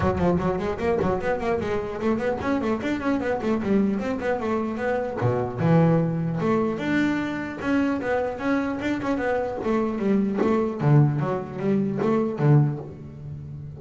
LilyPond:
\new Staff \with { instrumentName = "double bass" } { \time 4/4 \tempo 4 = 150 fis8 f8 fis8 gis8 ais8 fis8 b8 ais8 | gis4 a8 b8 cis'8 a8 d'8 cis'8 | b8 a8 g4 c'8 b8 a4 | b4 b,4 e2 |
a4 d'2 cis'4 | b4 cis'4 d'8 cis'8 b4 | a4 g4 a4 d4 | fis4 g4 a4 d4 | }